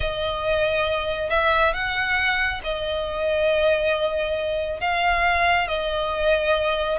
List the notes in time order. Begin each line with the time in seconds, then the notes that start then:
0.00 D#5
1.29 E5
1.73 F#5
2.63 D#5
4.80 F5
5.68 D#5